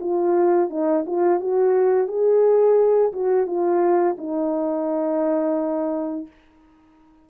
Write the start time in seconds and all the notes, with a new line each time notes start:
0.00 F4
0.70 D#4
1.07 F4
1.40 F#4
2.08 G#4
3.13 F#4
3.46 F4
4.18 D#4